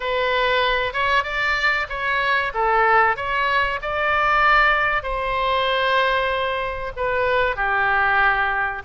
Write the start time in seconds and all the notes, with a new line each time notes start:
0.00 B4
0.93 C#5
1.23 D5
1.89 C#5
2.54 A4
3.16 C#5
3.82 D5
5.02 C5
6.96 B4
7.56 G4